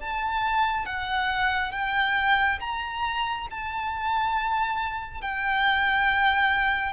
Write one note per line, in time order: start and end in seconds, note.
0.00 0.86 A5
0.86 1.72 F#5
1.72 2.59 G5
2.60 3.47 A#5
3.51 5.21 A5
5.21 6.92 G5